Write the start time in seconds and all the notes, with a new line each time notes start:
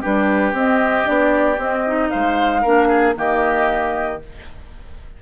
0.00 G3 D4 G4 B4
0.52 C4 D#5
1.03 B3 D4 D5
1.57 C4 D#5
1.86 D#4
2.10 G#3 C5 F5
2.61 A#3 D4 A#4
2.88 G#4
3.15 D#3 A#3 G4 D#5